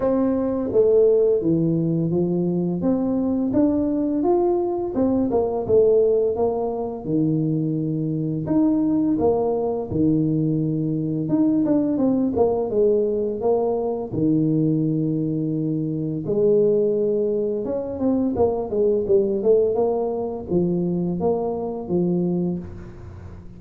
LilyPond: \new Staff \with { instrumentName = "tuba" } { \time 4/4 \tempo 4 = 85 c'4 a4 e4 f4 | c'4 d'4 f'4 c'8 ais8 | a4 ais4 dis2 | dis'4 ais4 dis2 |
dis'8 d'8 c'8 ais8 gis4 ais4 | dis2. gis4~ | gis4 cis'8 c'8 ais8 gis8 g8 a8 | ais4 f4 ais4 f4 | }